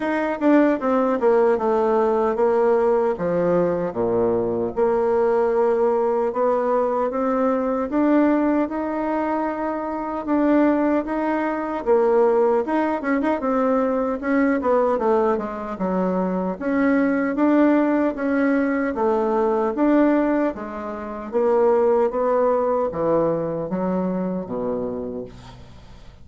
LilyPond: \new Staff \with { instrumentName = "bassoon" } { \time 4/4 \tempo 4 = 76 dis'8 d'8 c'8 ais8 a4 ais4 | f4 ais,4 ais2 | b4 c'4 d'4 dis'4~ | dis'4 d'4 dis'4 ais4 |
dis'8 cis'16 dis'16 c'4 cis'8 b8 a8 gis8 | fis4 cis'4 d'4 cis'4 | a4 d'4 gis4 ais4 | b4 e4 fis4 b,4 | }